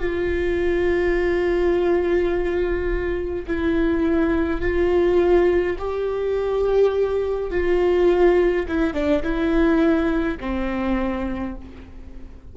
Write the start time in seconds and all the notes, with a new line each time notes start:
0.00 F4
3.47 E4
4.61 F4
5.78 G4
7.51 F4
8.68 E4
8.94 D4
9.23 E4
10.40 C4